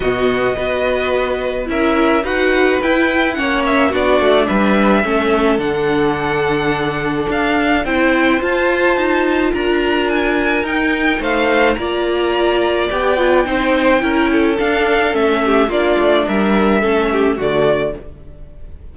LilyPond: <<
  \new Staff \with { instrumentName = "violin" } { \time 4/4 \tempo 4 = 107 dis''2. e''4 | fis''4 g''4 fis''8 e''8 d''4 | e''2 fis''2~ | fis''4 f''4 g''4 a''4~ |
a''4 ais''4 gis''4 g''4 | f''4 ais''2 g''4~ | g''2 f''4 e''4 | d''4 e''2 d''4 | }
  \new Staff \with { instrumentName = "violin" } { \time 4/4 fis'4 b'2 ais'4 | b'2 cis''4 fis'4 | b'4 a'2.~ | a'2 c''2~ |
c''4 ais'2. | c''4 d''2. | c''4 ais'8 a'2 g'8 | f'4 ais'4 a'8 g'8 fis'4 | }
  \new Staff \with { instrumentName = "viola" } { \time 4/4 b4 fis'2 e'4 | fis'4 e'4 cis'4 d'4~ | d'4 cis'4 d'2~ | d'2 e'4 f'4~ |
f'2. dis'4~ | dis'4 f'2 g'8 f'8 | dis'4 e'4 d'4 cis'4 | d'2 cis'4 a4 | }
  \new Staff \with { instrumentName = "cello" } { \time 4/4 b,4 b2 cis'4 | dis'4 e'4 ais4 b8 a8 | g4 a4 d2~ | d4 d'4 c'4 f'4 |
dis'4 d'2 dis'4 | a4 ais2 b4 | c'4 cis'4 d'4 a4 | ais8 a8 g4 a4 d4 | }
>>